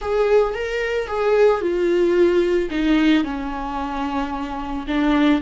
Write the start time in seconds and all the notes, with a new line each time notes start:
0.01 G#4
0.54 A#4
1.07 G#4
1.61 F4
2.70 D#4
3.24 C#4
4.87 D4